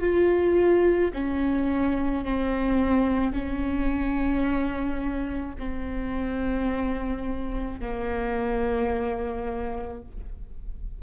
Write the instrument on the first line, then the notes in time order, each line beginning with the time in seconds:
viola
0.00 F4
1.14 C#4
2.24 C4
3.33 C#4
5.59 C4
7.80 A#3